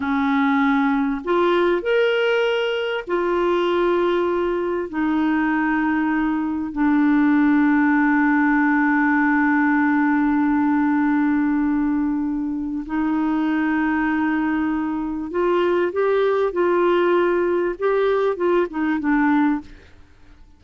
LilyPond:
\new Staff \with { instrumentName = "clarinet" } { \time 4/4 \tempo 4 = 98 cis'2 f'4 ais'4~ | ais'4 f'2. | dis'2. d'4~ | d'1~ |
d'1~ | d'4 dis'2.~ | dis'4 f'4 g'4 f'4~ | f'4 g'4 f'8 dis'8 d'4 | }